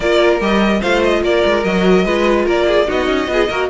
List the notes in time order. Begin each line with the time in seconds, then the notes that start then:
0.00 A#3 F4 A#4 D5
0.40 G3 G4 D#5
0.79 A3 F4 C5 F5
1.02 D#5
1.22 A#3 A#4 D5
1.45 G#3
1.64 F#3 F#4 D#5
2.05 G#3 F4 B4
2.45 A#3 A#4 D5
2.67 G#4
2.85 B3 D#4 F#4 D#5
3.07 C#4
3.27 B3 F4 G#4
3.49 A#3 F#4 A#4